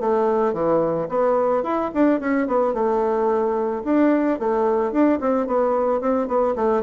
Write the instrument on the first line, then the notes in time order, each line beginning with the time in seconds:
bassoon
0.00 A3
0.53 E3
1.09 B3
1.63 E4
1.94 D4
2.20 C#4
2.47 B3
2.73 A3
3.85 D4
4.39 A3
4.92 D4
5.20 C4
5.47 B3
6.00 C4
6.28 B3
6.56 A3